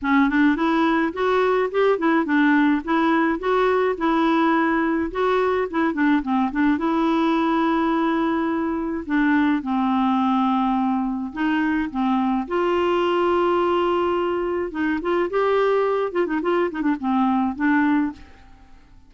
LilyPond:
\new Staff \with { instrumentName = "clarinet" } { \time 4/4 \tempo 4 = 106 cis'8 d'8 e'4 fis'4 g'8 e'8 | d'4 e'4 fis'4 e'4~ | e'4 fis'4 e'8 d'8 c'8 d'8 | e'1 |
d'4 c'2. | dis'4 c'4 f'2~ | f'2 dis'8 f'8 g'4~ | g'8 f'16 dis'16 f'8 dis'16 d'16 c'4 d'4 | }